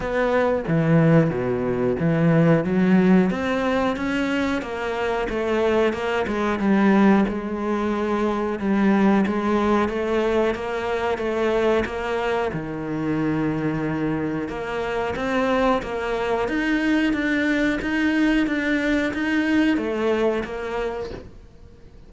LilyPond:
\new Staff \with { instrumentName = "cello" } { \time 4/4 \tempo 4 = 91 b4 e4 b,4 e4 | fis4 c'4 cis'4 ais4 | a4 ais8 gis8 g4 gis4~ | gis4 g4 gis4 a4 |
ais4 a4 ais4 dis4~ | dis2 ais4 c'4 | ais4 dis'4 d'4 dis'4 | d'4 dis'4 a4 ais4 | }